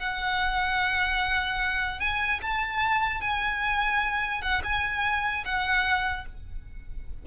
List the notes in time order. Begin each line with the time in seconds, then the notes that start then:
0.00 F#5
2.00 G#5
2.43 A5
3.21 G#5
4.42 F#5
4.64 G#5
5.46 F#5